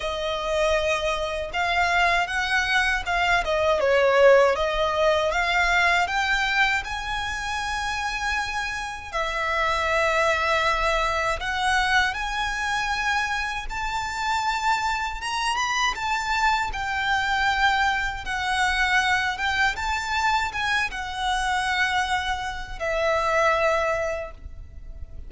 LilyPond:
\new Staff \with { instrumentName = "violin" } { \time 4/4 \tempo 4 = 79 dis''2 f''4 fis''4 | f''8 dis''8 cis''4 dis''4 f''4 | g''4 gis''2. | e''2. fis''4 |
gis''2 a''2 | ais''8 b''8 a''4 g''2 | fis''4. g''8 a''4 gis''8 fis''8~ | fis''2 e''2 | }